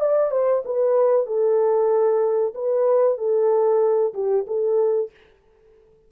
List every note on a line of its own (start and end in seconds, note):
0.00 0.31 D5
0.31 0.63 C5
0.65 1.26 B4
1.26 2.54 A4
2.54 3.17 B4
3.17 4.13 A4
4.14 4.46 G4
4.47 5.11 A4